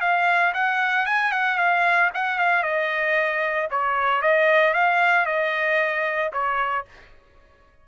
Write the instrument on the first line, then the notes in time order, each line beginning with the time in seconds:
trumpet
0.00 F5
0.53 F#5
1.06 G#5
1.32 F#5
1.57 F5
2.14 F#5
2.38 F5
2.63 D#5
3.70 C#5
4.21 D#5
4.73 F5
5.26 D#5
6.32 C#5